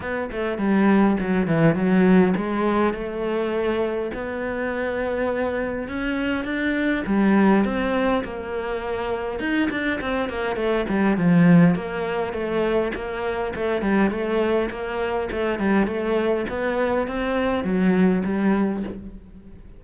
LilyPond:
\new Staff \with { instrumentName = "cello" } { \time 4/4 \tempo 4 = 102 b8 a8 g4 fis8 e8 fis4 | gis4 a2 b4~ | b2 cis'4 d'4 | g4 c'4 ais2 |
dis'8 d'8 c'8 ais8 a8 g8 f4 | ais4 a4 ais4 a8 g8 | a4 ais4 a8 g8 a4 | b4 c'4 fis4 g4 | }